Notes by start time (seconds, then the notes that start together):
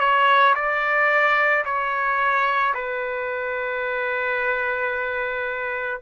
0.00 C#5
0.55 D5
1.65 C#5
2.74 B4